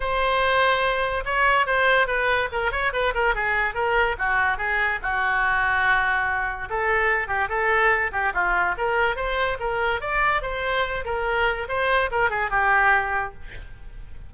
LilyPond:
\new Staff \with { instrumentName = "oboe" } { \time 4/4 \tempo 4 = 144 c''2. cis''4 | c''4 b'4 ais'8 cis''8 b'8 ais'8 | gis'4 ais'4 fis'4 gis'4 | fis'1 |
a'4. g'8 a'4. g'8 | f'4 ais'4 c''4 ais'4 | d''4 c''4. ais'4. | c''4 ais'8 gis'8 g'2 | }